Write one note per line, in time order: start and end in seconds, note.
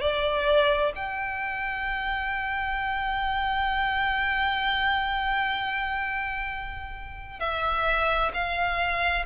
0.00 0.92 D5
0.95 7.39 G5
7.39 8.32 E5
8.33 9.25 F5